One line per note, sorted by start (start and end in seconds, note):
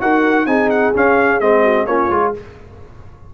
0.00 0.46 D#4
0.00 0.47 F#4
0.00 0.47 A#4
0.00 0.46 F#5
0.46 0.92 C4
0.46 0.93 D#4
0.46 1.63 G#4
0.46 0.69 G#5
0.69 0.93 F#5
0.94 1.40 C#4
0.94 1.40 F5
1.40 1.86 G#3
1.40 1.87 C4
1.40 1.86 D#5
1.63 1.86 F#4
1.86 2.09 A#3
1.86 2.10 C#4
1.86 2.34 F4
1.86 2.32 C#5
2.10 2.33 G#3
2.10 2.34 F4